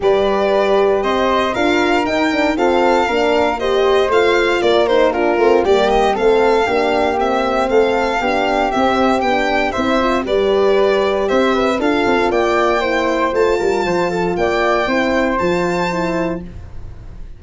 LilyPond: <<
  \new Staff \with { instrumentName = "violin" } { \time 4/4 \tempo 4 = 117 d''2 dis''4 f''4 | g''4 f''2 dis''4 | f''4 d''8 c''8 ais'4 d''8 dis''8 | f''2 e''4 f''4~ |
f''4 e''4 g''4 e''4 | d''2 e''4 f''4 | g''2 a''2 | g''2 a''2 | }
  \new Staff \with { instrumentName = "flute" } { \time 4/4 b'2 c''4 ais'4~ | ais'4 a'4 ais'4 c''4~ | c''4 ais'4 f'4 g'4 | a'4 g'2 a'4 |
g'2. c''4 | b'2 c''8 b'8 a'4 | d''4 c''4. ais'8 c''8 a'8 | d''4 c''2. | }
  \new Staff \with { instrumentName = "horn" } { \time 4/4 g'2. f'4 | dis'8 d'8 c'4 d'4 g'4 | f'4. dis'8 d'8 c'8 ais4 | c'4 d'4 c'2 |
d'4 c'4 d'4 e'8 f'8 | g'2. f'4~ | f'4 e'4 f'2~ | f'4 e'4 f'4 e'4 | }
  \new Staff \with { instrumentName = "tuba" } { \time 4/4 g2 c'4 d'4 | dis'4 f'4 ais2 | a4 ais4. a8 g4 | a4 ais2 a4 |
b4 c'4 b4 c'4 | g2 c'4 d'8 c'8 | ais2 a8 g8 f4 | ais4 c'4 f2 | }
>>